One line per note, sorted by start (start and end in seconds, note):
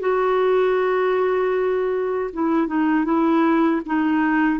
0.00 2.31 F#4
2.33 2.67 E4
2.67 3.05 D#4
3.05 3.82 E4
3.86 4.60 D#4